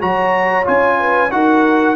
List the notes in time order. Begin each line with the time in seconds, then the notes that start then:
0.00 F#3 F#4 C#5 A#5
0.64 C#4 F4 G#5
0.99 B4
1.31 D#4 F#4 A#4 F#5